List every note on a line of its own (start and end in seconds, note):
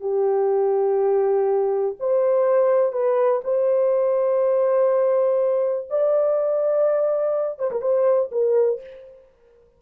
0.00 1.95 G4
1.99 2.92 C5
2.92 3.41 B4
3.44 5.88 C5
5.90 7.58 D5
7.58 7.71 C5
7.71 7.81 A#4
7.81 8.30 C5
8.31 8.80 A#4